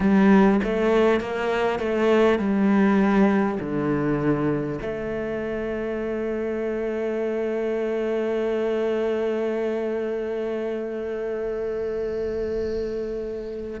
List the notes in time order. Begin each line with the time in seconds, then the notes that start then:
0.00 G3
0.63 A3
1.20 A#3
1.79 A3
2.38 G3
3.59 D3
4.81 A3